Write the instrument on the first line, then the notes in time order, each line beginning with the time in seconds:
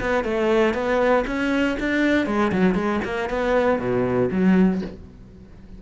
cello
0.00 B3
0.24 A3
0.74 B3
1.27 C#4
1.79 D4
2.26 G#3
2.52 F#3
2.74 G#3
3.04 A#3
3.29 B3
3.79 B2
4.31 F#3